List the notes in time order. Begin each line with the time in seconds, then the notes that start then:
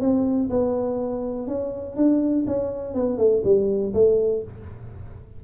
0.00 C4
0.49 B3
1.47 C#4
1.96 D4
2.47 C#4
2.94 B3
3.18 A3
3.44 G3
3.94 A3